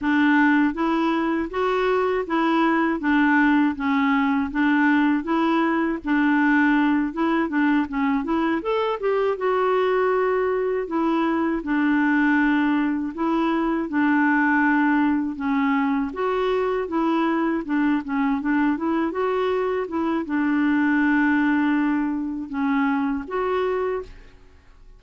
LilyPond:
\new Staff \with { instrumentName = "clarinet" } { \time 4/4 \tempo 4 = 80 d'4 e'4 fis'4 e'4 | d'4 cis'4 d'4 e'4 | d'4. e'8 d'8 cis'8 e'8 a'8 | g'8 fis'2 e'4 d'8~ |
d'4. e'4 d'4.~ | d'8 cis'4 fis'4 e'4 d'8 | cis'8 d'8 e'8 fis'4 e'8 d'4~ | d'2 cis'4 fis'4 | }